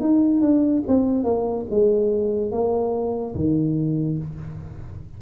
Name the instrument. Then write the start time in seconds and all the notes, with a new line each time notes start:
tuba
0.00 D#4
0.41 D4
0.87 C4
1.24 A#3
1.70 G#3
2.52 A#3
3.35 D#3